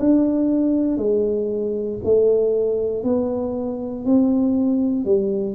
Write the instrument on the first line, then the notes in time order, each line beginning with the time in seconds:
tuba
0.00 D4
0.98 G#3
2.04 A3
3.04 B3
4.05 C4
5.05 G3